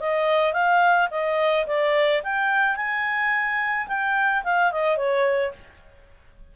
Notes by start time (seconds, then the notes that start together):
0.00 D#5
0.53 F5
1.10 D#5
1.66 D5
2.23 G5
2.76 G#5
3.88 G5
4.43 F5
4.71 D#5
4.97 C#5